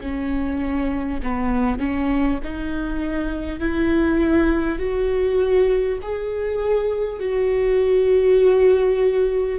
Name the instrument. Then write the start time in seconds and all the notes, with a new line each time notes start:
viola
0.00 C#4
1.22 B3
1.79 C#4
2.43 D#4
3.59 E4
4.78 F#4
6.02 G#4
7.19 F#4